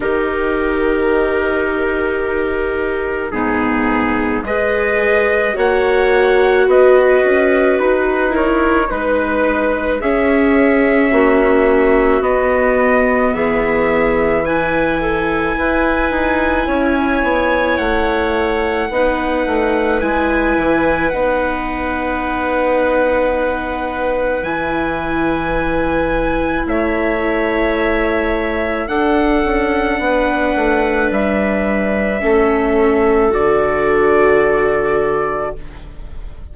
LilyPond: <<
  \new Staff \with { instrumentName = "trumpet" } { \time 4/4 \tempo 4 = 54 ais'2. gis'4 | dis''4 fis''4 dis''4 b'8 cis''8 | b'4 e''2 dis''4 | e''4 gis''2. |
fis''2 gis''4 fis''4~ | fis''2 gis''2 | e''2 fis''2 | e''2 d''2 | }
  \new Staff \with { instrumentName = "clarinet" } { \time 4/4 g'2. dis'4 | b'4 cis''4 b'4. ais'8 | b'4 gis'4 fis'2 | gis'4 b'8 a'8 b'4 cis''4~ |
cis''4 b'2.~ | b'1 | cis''2 a'4 b'4~ | b'4 a'2. | }
  \new Staff \with { instrumentName = "viola" } { \time 4/4 dis'2. b4 | gis'4 fis'2~ fis'8 e'8 | dis'4 cis'2 b4~ | b4 e'2.~ |
e'4 dis'4 e'4 dis'4~ | dis'2 e'2~ | e'2 d'2~ | d'4 cis'4 fis'2 | }
  \new Staff \with { instrumentName = "bassoon" } { \time 4/4 dis2. gis,4 | gis4 ais4 b8 cis'8 dis'4 | gis4 cis'4 ais4 b4 | e2 e'8 dis'8 cis'8 b8 |
a4 b8 a8 gis8 e8 b4~ | b2 e2 | a2 d'8 cis'8 b8 a8 | g4 a4 d2 | }
>>